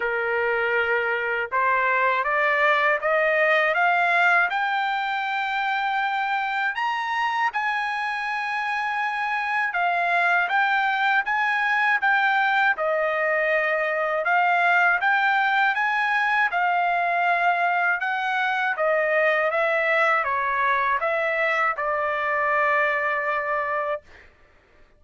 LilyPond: \new Staff \with { instrumentName = "trumpet" } { \time 4/4 \tempo 4 = 80 ais'2 c''4 d''4 | dis''4 f''4 g''2~ | g''4 ais''4 gis''2~ | gis''4 f''4 g''4 gis''4 |
g''4 dis''2 f''4 | g''4 gis''4 f''2 | fis''4 dis''4 e''4 cis''4 | e''4 d''2. | }